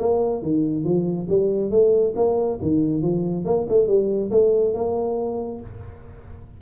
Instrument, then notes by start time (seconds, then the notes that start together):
tuba
0.00 A#3
0.43 D#3
0.85 F3
1.29 G3
1.71 A3
2.16 A#3
2.62 D#3
3.03 F3
3.45 A#3
3.70 A3
3.88 G3
4.31 A3
4.75 A#3